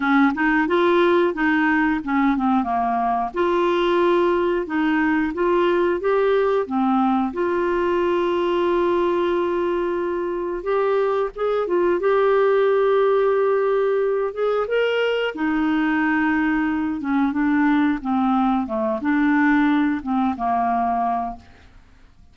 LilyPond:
\new Staff \with { instrumentName = "clarinet" } { \time 4/4 \tempo 4 = 90 cis'8 dis'8 f'4 dis'4 cis'8 c'8 | ais4 f'2 dis'4 | f'4 g'4 c'4 f'4~ | f'1 |
g'4 gis'8 f'8 g'2~ | g'4. gis'8 ais'4 dis'4~ | dis'4. cis'8 d'4 c'4 | a8 d'4. c'8 ais4. | }